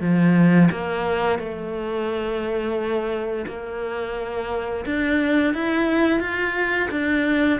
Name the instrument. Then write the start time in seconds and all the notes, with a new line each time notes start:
cello
0.00 F3
0.71 A#3
1.39 A3
3.47 A#3
4.86 D4
5.54 E4
6.20 F4
6.91 D4